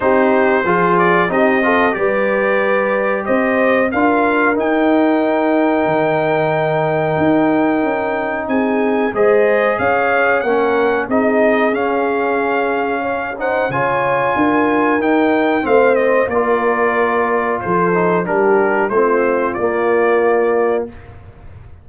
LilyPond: <<
  \new Staff \with { instrumentName = "trumpet" } { \time 4/4 \tempo 4 = 92 c''4. d''8 dis''4 d''4~ | d''4 dis''4 f''4 g''4~ | g''1~ | g''4 gis''4 dis''4 f''4 |
fis''4 dis''4 f''2~ | f''8 fis''8 gis''2 g''4 | f''8 dis''8 d''2 c''4 | ais'4 c''4 d''2 | }
  \new Staff \with { instrumentName = "horn" } { \time 4/4 g'4 gis'4 g'8 a'8 b'4~ | b'4 c''4 ais'2~ | ais'1~ | ais'4 gis'4 c''4 cis''4 |
ais'4 gis'2. | cis''8 c''8 cis''4 ais'2 | c''4 ais'2 a'4 | g'4 f'2. | }
  \new Staff \with { instrumentName = "trombone" } { \time 4/4 dis'4 f'4 dis'8 f'8 g'4~ | g'2 f'4 dis'4~ | dis'1~ | dis'2 gis'2 |
cis'4 dis'4 cis'2~ | cis'8 dis'8 f'2 dis'4 | c'4 f'2~ f'8 dis'8 | d'4 c'4 ais2 | }
  \new Staff \with { instrumentName = "tuba" } { \time 4/4 c'4 f4 c'4 g4~ | g4 c'4 d'4 dis'4~ | dis'4 dis2 dis'4 | cis'4 c'4 gis4 cis'4 |
ais4 c'4 cis'2~ | cis'4 cis4 d'4 dis'4 | a4 ais2 f4 | g4 a4 ais2 | }
>>